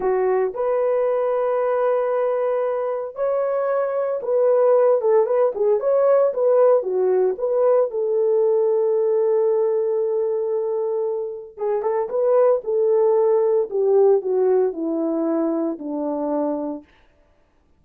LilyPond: \new Staff \with { instrumentName = "horn" } { \time 4/4 \tempo 4 = 114 fis'4 b'2.~ | b'2 cis''2 | b'4. a'8 b'8 gis'8 cis''4 | b'4 fis'4 b'4 a'4~ |
a'1~ | a'2 gis'8 a'8 b'4 | a'2 g'4 fis'4 | e'2 d'2 | }